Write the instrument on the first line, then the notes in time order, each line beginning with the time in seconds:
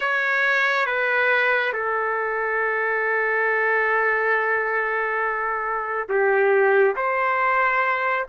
trumpet
0.00 C#5
0.85 B4
1.73 A4
6.08 G4
6.96 C5